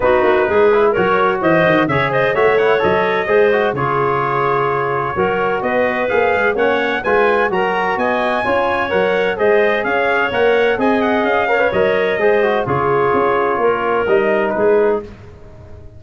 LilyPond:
<<
  \new Staff \with { instrumentName = "trumpet" } { \time 4/4 \tempo 4 = 128 b'2 cis''4 dis''4 | e''8 dis''8 e''8 fis''8 dis''2 | cis''1 | dis''4 f''4 fis''4 gis''4 |
ais''4 gis''2 fis''4 | dis''4 f''4 fis''4 gis''8 fis''8 | f''4 dis''2 cis''4~ | cis''2 dis''4 b'4 | }
  \new Staff \with { instrumentName = "clarinet" } { \time 4/4 fis'4 gis'4 ais'4 c''4 | cis''8 c''8 cis''2 c''4 | gis'2. ais'4 | b'2 cis''4 b'4 |
ais'4 dis''4 cis''2 | c''4 cis''2 dis''4~ | dis''8 cis''4. c''4 gis'4~ | gis'4 ais'2 gis'4 | }
  \new Staff \with { instrumentName = "trombone" } { \time 4/4 dis'4. e'8 fis'2 | gis'4 fis'8 e'8 a'4 gis'8 fis'8 | f'2. fis'4~ | fis'4 gis'4 cis'4 f'4 |
fis'2 f'4 ais'4 | gis'2 ais'4 gis'4~ | gis'8 ais'16 b'16 ais'4 gis'8 fis'8 f'4~ | f'2 dis'2 | }
  \new Staff \with { instrumentName = "tuba" } { \time 4/4 b8 ais8 gis4 fis4 e8 dis8 | cis4 a4 fis4 gis4 | cis2. fis4 | b4 ais8 gis8 ais4 gis4 |
fis4 b4 cis'4 fis4 | gis4 cis'4 ais4 c'4 | cis'4 fis4 gis4 cis4 | cis'4 ais4 g4 gis4 | }
>>